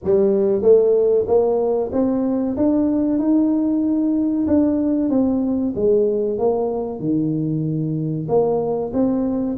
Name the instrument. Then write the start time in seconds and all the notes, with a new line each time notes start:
tuba
0.03 G3
0.62 A3
1.27 A#3
1.92 C4
2.56 D4
3.18 D#4
4.47 D4
5.09 C4
5.75 G#3
6.38 A#3
6.99 D#3
8.28 A#3
8.93 C4